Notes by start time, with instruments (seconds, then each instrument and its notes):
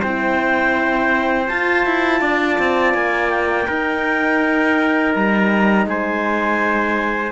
0.00 cello C4, horn E4, trumpet C5, clarinet G5
1.47 horn F4, cello F4, clarinet A5
1.86 cello E4
2.21 cello D4, trumpet D5
2.58 cello C4
2.94 cello A#3, clarinet G#5
3.30 clarinet G5
3.67 cello D#4, horn D#4, trumpet A#4
5.14 cello G3, clarinet A#5
5.86 cello G#3, trumpet C5, clarinet G#5